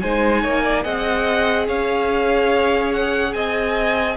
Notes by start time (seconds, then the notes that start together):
0.00 G#3 D#4 C5 G#5
0.42 A#3 C#5
0.63 D5
0.82 C4 G#4 D#5 F#5
1.67 C#4 C#5 F5
2.93 F#5
3.33 C4 D#5 G#5